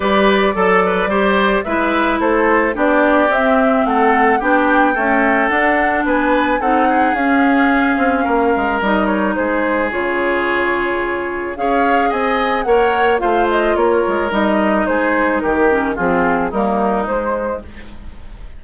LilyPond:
<<
  \new Staff \with { instrumentName = "flute" } { \time 4/4 \tempo 4 = 109 d''2. e''4 | c''4 d''4 e''4 fis''4 | g''2 fis''4 gis''4 | fis''4 f''2. |
dis''8 cis''8 c''4 cis''2~ | cis''4 f''4 gis''4 fis''4 | f''8 dis''8 cis''4 dis''4 c''4 | ais'4 gis'4 ais'4 c''4 | }
  \new Staff \with { instrumentName = "oboe" } { \time 4/4 b'4 a'8 b'8 c''4 b'4 | a'4 g'2 a'4 | g'4 a'2 b'4 | a'8 gis'2~ gis'8 ais'4~ |
ais'4 gis'2.~ | gis'4 cis''4 dis''4 cis''4 | c''4 ais'2 gis'4 | g'4 f'4 dis'2 | }
  \new Staff \with { instrumentName = "clarinet" } { \time 4/4 g'4 a'4 g'4 e'4~ | e'4 d'4 c'2 | d'4 a4 d'2 | dis'4 cis'2. |
dis'2 f'2~ | f'4 gis'2 ais'4 | f'2 dis'2~ | dis'8 cis'8 c'4 ais4 gis4 | }
  \new Staff \with { instrumentName = "bassoon" } { \time 4/4 g4 fis4 g4 gis4 | a4 b4 c'4 a4 | b4 cis'4 d'4 b4 | c'4 cis'4. c'8 ais8 gis8 |
g4 gis4 cis2~ | cis4 cis'4 c'4 ais4 | a4 ais8 gis8 g4 gis4 | dis4 f4 g4 gis4 | }
>>